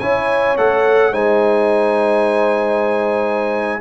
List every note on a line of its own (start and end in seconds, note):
0.00 0.57 C#4
0.00 0.58 E4
0.00 1.12 C#5
0.00 0.57 G#5
0.58 1.13 A3
0.58 1.13 A4
0.58 1.14 F#5
1.12 3.81 G#3
1.12 3.81 D#4
1.12 3.81 C5
1.12 3.81 G#5